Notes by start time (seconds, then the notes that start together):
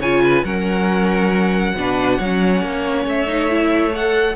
0.00 C#3 F4 C#5 G#5
0.24 B4
0.45 F#3 C#4 A#4 F#5
1.76 B2 D4 B4
2.18 F#3 C#5
2.25 C#4
2.62 A#3
3.06 A3 E5
3.28 D#4
3.50 E4
3.91 A4 F#5